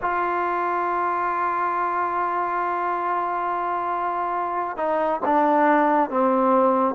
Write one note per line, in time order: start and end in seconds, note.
0.01 4.76 F4
4.76 5.20 D#4
5.25 6.09 D4
6.09 6.95 C4